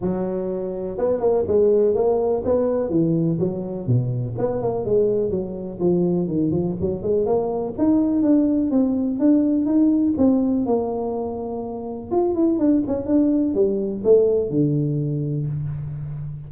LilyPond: \new Staff \with { instrumentName = "tuba" } { \time 4/4 \tempo 4 = 124 fis2 b8 ais8 gis4 | ais4 b4 e4 fis4 | b,4 b8 ais8 gis4 fis4 | f4 dis8 f8 fis8 gis8 ais4 |
dis'4 d'4 c'4 d'4 | dis'4 c'4 ais2~ | ais4 f'8 e'8 d'8 cis'8 d'4 | g4 a4 d2 | }